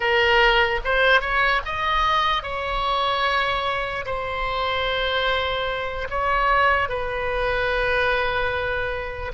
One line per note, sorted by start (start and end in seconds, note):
0.00 0.80 A#4
0.84 1.20 C5
1.20 1.61 C#5
1.65 2.43 D#5
2.43 4.05 C#5
4.05 6.08 C5
6.10 6.88 C#5
6.88 9.32 B4